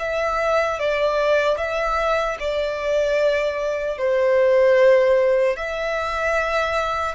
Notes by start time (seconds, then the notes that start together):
0.00 E5
0.80 D5
1.58 E5
2.40 D5
3.99 C5
5.57 E5